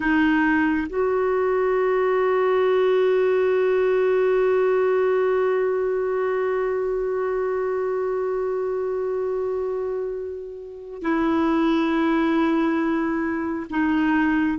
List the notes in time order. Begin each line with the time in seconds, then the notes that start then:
0.00 D#4
0.89 F#4
11.02 E4
13.70 D#4